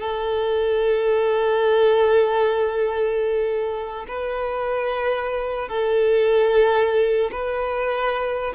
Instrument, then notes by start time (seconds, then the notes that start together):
violin
0.00 A4
4.08 B4
5.68 A4
7.32 B4